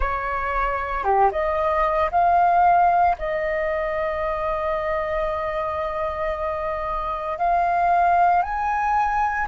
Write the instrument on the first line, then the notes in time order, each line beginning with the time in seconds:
flute
0.00 C#5
1.04 G4
1.31 D#5
2.11 F5
3.18 D#5
7.37 F5
8.42 G#5